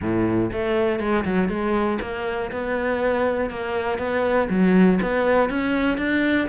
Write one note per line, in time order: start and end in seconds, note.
0.01 0.51 A2
0.52 0.99 A3
0.99 1.24 G#3
1.25 1.48 F#3
1.48 1.98 G#3
2.01 2.51 A#3
2.51 3.50 B3
3.50 3.98 A#3
3.98 4.48 B3
4.49 4.99 F#3
5.02 5.49 B3
5.49 5.97 C#4
5.97 6.47 D4